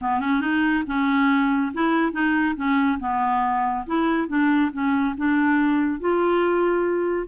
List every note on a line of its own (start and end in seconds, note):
0.01 0.20 B3
0.20 0.41 C#4
0.41 0.83 D#4
0.86 1.72 C#4
1.73 2.12 E4
2.12 2.55 D#4
2.55 2.98 C#4
2.99 3.85 B3
3.86 4.28 E4
4.28 4.71 D4
4.72 5.15 C#4
5.17 6.00 D4
6.00 7.27 F4